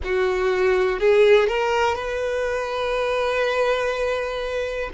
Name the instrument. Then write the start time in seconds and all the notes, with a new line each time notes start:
violin
0.04 F#4
0.99 G#4
1.48 A#4
1.94 B4